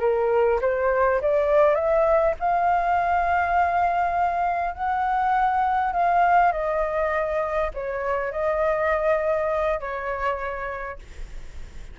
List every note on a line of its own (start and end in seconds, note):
0.00 0.59 A#4
0.61 1.20 C5
1.21 1.75 D5
1.75 2.34 E5
2.40 4.74 F5
4.74 5.93 F#5
5.93 6.52 F5
6.52 7.71 D#5
7.74 8.32 C#5
8.32 9.80 D#5
9.80 10.99 C#5